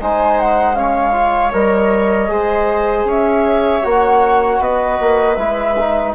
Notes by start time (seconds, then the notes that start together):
0.00 G#3 D#4 C5 G#5
0.40 F#5
0.75 C#4 C#5 F5
1.13 F4
1.52 G3 A#4 D#5
2.29 G#3 G#4 C5
3.05 C#4 C#5 E5
3.82 A#3 F#4 F#5
4.60 B3 B4 D#5
5.01 A#3
5.35 G#3 E4 E5
5.80 D#4